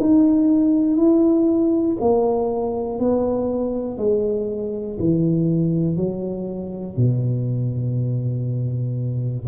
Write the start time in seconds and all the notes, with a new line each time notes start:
0.00 D#4
0.97 E4
2.00 A#3
2.99 B3
3.98 G#3
4.99 E3
5.97 F#3
6.97 B2